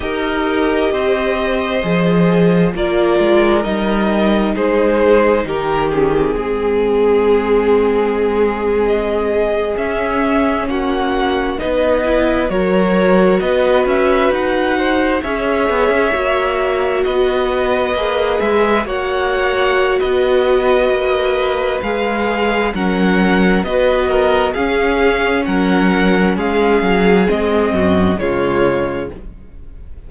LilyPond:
<<
  \new Staff \with { instrumentName = "violin" } { \time 4/4 \tempo 4 = 66 dis''2. d''4 | dis''4 c''4 ais'8 gis'4.~ | gis'4.~ gis'16 dis''4 e''4 fis''16~ | fis''8. dis''4 cis''4 dis''8 e''8 fis''16~ |
fis''8. e''2 dis''4~ dis''16~ | dis''16 e''8 fis''4~ fis''16 dis''2 | f''4 fis''4 dis''4 f''4 | fis''4 f''4 dis''4 cis''4 | }
  \new Staff \with { instrumentName = "violin" } { \time 4/4 ais'4 c''2 ais'4~ | ais'4 gis'4 g'4 gis'4~ | gis'2.~ gis'8. fis'16~ | fis'8. b'4 ais'4 b'4~ b'16~ |
b'16 c''8 cis''2 b'4~ b'16~ | b'8. cis''4~ cis''16 b'2~ | b'4 ais'4 b'8 ais'8 gis'4 | ais'4 gis'4. fis'8 f'4 | }
  \new Staff \with { instrumentName = "viola" } { \time 4/4 g'2 gis'4 f'4 | dis'2~ dis'8 cis'16 c'4~ c'16~ | c'2~ c'8. cis'4~ cis'16~ | cis'8. dis'8 e'8 fis'2~ fis'16~ |
fis'8. gis'4 fis'2 gis'16~ | gis'8. fis'2.~ fis'16 | gis'4 cis'4 fis'4 cis'4~ | cis'2 c'4 gis4 | }
  \new Staff \with { instrumentName = "cello" } { \time 4/4 dis'4 c'4 f4 ais8 gis8 | g4 gis4 dis4 gis4~ | gis2~ gis8. cis'4 ais16~ | ais8. b4 fis4 b8 cis'8 dis'16~ |
dis'8. cis'8 b16 cis'16 ais4 b4 ais16~ | ais16 gis8 ais4~ ais16 b4 ais4 | gis4 fis4 b4 cis'4 | fis4 gis8 fis8 gis8 fis,8 cis4 | }
>>